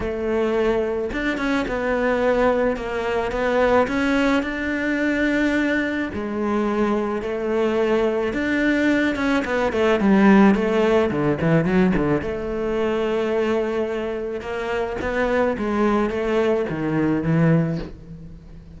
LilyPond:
\new Staff \with { instrumentName = "cello" } { \time 4/4 \tempo 4 = 108 a2 d'8 cis'8 b4~ | b4 ais4 b4 cis'4 | d'2. gis4~ | gis4 a2 d'4~ |
d'8 cis'8 b8 a8 g4 a4 | d8 e8 fis8 d8 a2~ | a2 ais4 b4 | gis4 a4 dis4 e4 | }